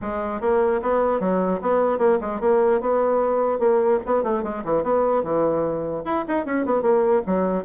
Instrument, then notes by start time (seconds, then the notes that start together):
bassoon
0.01 G#3
0.40 A#3
0.81 B3
1.20 F#3
1.61 B3
1.98 A#3
2.20 G#3
2.40 A#3
2.80 B3
3.59 A#3
4.06 B3
4.23 A3
4.43 G#3
4.64 E3
4.83 B3
5.23 E3
6.04 E4
6.27 D#4
6.45 C#4
6.65 B3
6.81 A#3
7.26 F#3